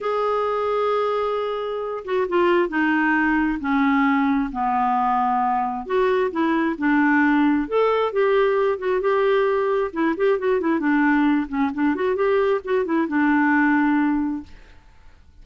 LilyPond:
\new Staff \with { instrumentName = "clarinet" } { \time 4/4 \tempo 4 = 133 gis'1~ | gis'8 fis'8 f'4 dis'2 | cis'2 b2~ | b4 fis'4 e'4 d'4~ |
d'4 a'4 g'4. fis'8 | g'2 e'8 g'8 fis'8 e'8 | d'4. cis'8 d'8 fis'8 g'4 | fis'8 e'8 d'2. | }